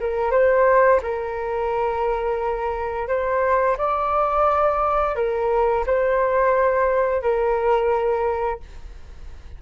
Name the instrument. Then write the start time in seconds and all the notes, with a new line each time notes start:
flute
0.00 A#4
0.31 C5
1.03 A#4
3.08 C5
3.77 D5
5.16 A#4
5.86 C5
7.22 A#4